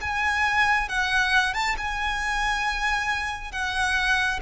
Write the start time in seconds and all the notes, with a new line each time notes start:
0.00 G#5
0.88 F#5
1.54 A5
1.77 G#5
3.51 F#5